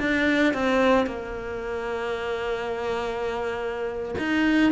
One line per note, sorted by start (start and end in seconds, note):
0.00 0.54 D4
0.54 1.07 C4
1.07 4.15 A#3
4.19 4.72 D#4